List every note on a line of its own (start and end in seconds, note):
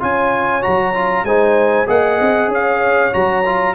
0.00 0.65 C#4
0.00 0.62 F4
0.00 1.25 C#5
0.00 0.63 G#5
0.62 1.24 F#3
0.62 0.93 F#4
0.62 1.25 A#5
0.94 1.26 F4
1.24 1.86 G#3
1.24 1.86 D#4
1.24 1.88 C5
1.24 1.88 G#5
1.86 2.19 A#3
1.86 3.11 G#4
1.86 2.50 D#5
1.86 2.52 F#5
2.21 2.48 C4
2.48 3.10 C#4
2.48 3.74 C#5
2.48 3.14 F5
3.12 3.74 F#3
3.12 3.43 F#4
3.12 3.74 A#5
3.45 3.74 F4